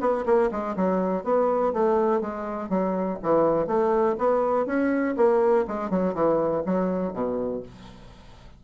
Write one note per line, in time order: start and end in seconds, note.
0.00 0.25 B3
0.25 0.50 A#3
0.51 0.76 G#3
0.76 1.23 F#3
1.23 1.73 B3
1.73 2.21 A3
2.21 2.69 G#3
2.69 3.18 F#3
3.22 3.67 E3
3.67 4.16 A3
4.18 4.66 B3
4.66 5.15 C#4
5.16 5.65 A#3
5.67 5.90 G#3
5.90 6.14 F#3
6.14 6.63 E3
6.65 7.13 F#3
7.13 7.62 B2